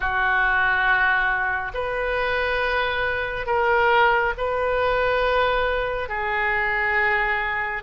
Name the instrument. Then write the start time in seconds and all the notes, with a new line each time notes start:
oboe
0.00 F#4
1.74 B4
3.46 A#4
4.37 B4
6.09 G#4